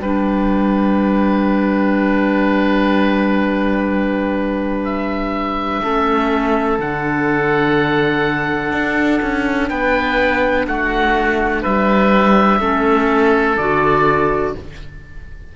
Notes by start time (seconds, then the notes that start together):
0.00 G3 D4 B4 G5
4.84 E5
5.82 A3 C#4 A4
6.78 D3 D4 F#5
8.71 D4
9.22 C#4
9.69 B3 B4 G5
10.67 A3 F#4 F#5
11.61 G3 B4 E5
12.59 A3 C#4 A4
13.57 D3 F#4 D5